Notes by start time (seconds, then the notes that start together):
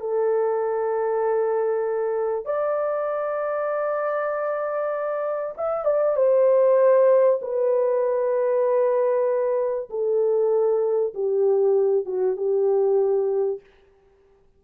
0.00 A4
2.46 D5
5.58 E5
5.85 D5
6.16 C5
7.42 B4
9.90 A4
11.14 G4
12.06 F#4
12.37 G4